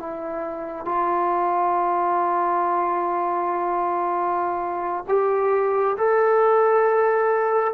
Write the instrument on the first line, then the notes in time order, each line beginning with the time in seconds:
trombone
0.00 E4
0.85 F4
5.09 G4
5.98 A4